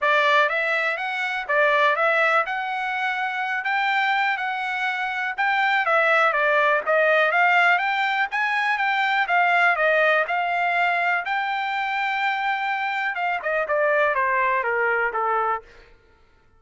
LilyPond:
\new Staff \with { instrumentName = "trumpet" } { \time 4/4 \tempo 4 = 123 d''4 e''4 fis''4 d''4 | e''4 fis''2~ fis''8 g''8~ | g''4 fis''2 g''4 | e''4 d''4 dis''4 f''4 |
g''4 gis''4 g''4 f''4 | dis''4 f''2 g''4~ | g''2. f''8 dis''8 | d''4 c''4 ais'4 a'4 | }